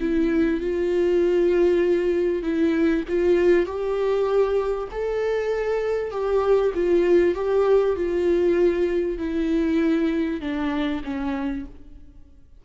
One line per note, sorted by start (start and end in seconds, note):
0.00 0.61 E4
0.61 2.43 F4
2.43 3.04 E4
3.09 3.66 F4
3.66 4.89 G4
4.92 6.11 A4
6.11 6.73 G4
6.75 7.35 F4
7.35 7.96 G4
7.96 9.18 F4
9.18 10.41 E4
10.41 11.02 D4
11.04 11.65 C#4